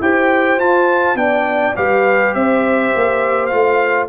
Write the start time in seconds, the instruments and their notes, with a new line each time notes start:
0.00 tuba E4, trombone G4, horn C5, trumpet G5
0.58 tuba F4, trombone F4, trumpet A5
1.15 tuba B3, trombone D4, horn D5, trumpet G5
1.76 tuba G3, trombone G4, horn B4, trumpet F5
2.34 tuba C4, horn C5, trumpet E5
2.95 tuba A#3
3.46 trombone F4, trumpet F5
3.52 tuba A3